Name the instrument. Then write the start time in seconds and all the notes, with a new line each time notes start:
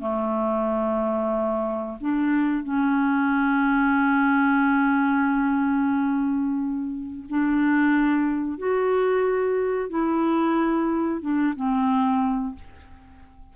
clarinet
0.00 A3
2.00 D4
2.64 C#4
7.29 D4
8.58 F#4
9.90 E4
11.21 D4
11.56 C4